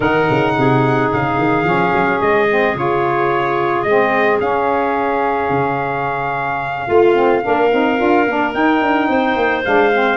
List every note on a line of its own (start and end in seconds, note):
0.00 0.26 D#3
0.00 1.63 D#4
0.00 0.53 A#4
0.00 1.11 F#5
0.29 0.57 C#3
0.57 1.12 C3
0.57 6.87 G#4
1.12 1.37 C#3
1.12 2.21 F5
1.37 1.64 D#3
1.63 1.91 F3
1.63 2.46 C#4
1.92 2.19 F#3
2.21 2.75 G#3
2.21 2.76 D#5
2.50 2.75 C4
2.75 3.84 C#3
2.75 3.85 F4
2.75 3.82 C#5
3.82 4.39 G#3
3.82 4.40 C4
3.82 4.37 D#5
4.40 6.88 C#4
4.40 5.49 C#4
4.40 8.53 F5
5.49 6.87 C#3
6.87 7.44 A3
6.87 7.42 F4
6.87 7.14 F4
7.14 7.41 C4
7.42 7.73 A#3
7.42 7.70 D4
7.42 9.08 A#4
7.70 8.00 C4
7.70 7.97 D#4
7.97 8.26 D4
7.97 8.25 F4
8.26 8.54 A#3
8.26 8.53 D4
8.53 9.63 D#4
8.53 8.81 D#4
8.53 9.64 G5
8.81 9.08 D4
9.08 9.36 C4
9.08 10.17 C5
9.36 9.63 A#3
9.64 10.17 G#3
9.64 9.91 D4
9.64 10.17 F5
9.92 10.17 C4